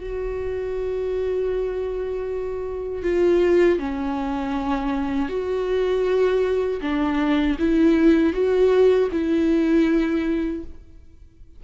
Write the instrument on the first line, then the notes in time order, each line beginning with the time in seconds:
viola
0.00 F#4
3.03 F4
3.79 C#4
5.29 F#4
6.81 D4
7.59 E4
8.33 F#4
9.12 E4